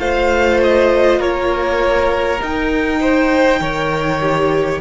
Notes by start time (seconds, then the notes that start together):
0.00 A3 F4 C5 F5
0.63 D#5
1.20 A#3 A#4 C#5
2.42 D#4 G5
3.00 C5
3.60 D#3 A#4 C#5
4.21 G4